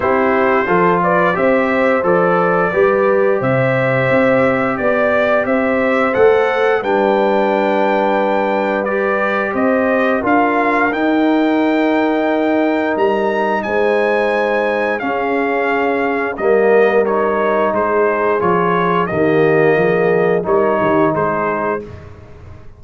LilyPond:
<<
  \new Staff \with { instrumentName = "trumpet" } { \time 4/4 \tempo 4 = 88 c''4. d''8 e''4 d''4~ | d''4 e''2 d''4 | e''4 fis''4 g''2~ | g''4 d''4 dis''4 f''4 |
g''2. ais''4 | gis''2 f''2 | dis''4 cis''4 c''4 cis''4 | dis''2 cis''4 c''4 | }
  \new Staff \with { instrumentName = "horn" } { \time 4/4 g'4 a'8 b'8 c''2 | b'4 c''2 d''4 | c''2 b'2~ | b'2 c''4 ais'4~ |
ais'1 | c''2 gis'2 | ais'2 gis'2 | g'4 gis'4 ais'8 g'8 gis'4 | }
  \new Staff \with { instrumentName = "trombone" } { \time 4/4 e'4 f'4 g'4 a'4 | g'1~ | g'4 a'4 d'2~ | d'4 g'2 f'4 |
dis'1~ | dis'2 cis'2 | ais4 dis'2 f'4 | ais2 dis'2 | }
  \new Staff \with { instrumentName = "tuba" } { \time 4/4 c'4 f4 c'4 f4 | g4 c4 c'4 b4 | c'4 a4 g2~ | g2 c'4 d'4 |
dis'2. g4 | gis2 cis'2 | g2 gis4 f4 | dis4 f4 g8 dis8 gis4 | }
>>